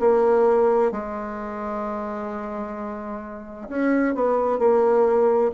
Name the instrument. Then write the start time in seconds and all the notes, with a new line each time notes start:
bassoon
0.00 A#3
0.92 G#3
3.69 C#4
4.15 B3
4.59 A#3